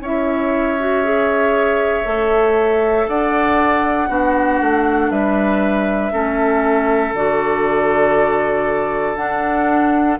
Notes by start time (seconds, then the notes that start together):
0.00 C#4 E4 C#5 E5
0.80 F#4
1.04 G#4
2.04 A3 A4
3.08 D4 D5 F#5
4.09 B3 D4 F#4
4.61 A3
5.11 G3 B4 E5
6.12 A3 C#4 A4
7.14 D3 F#4 D5
9.16 D4 F#5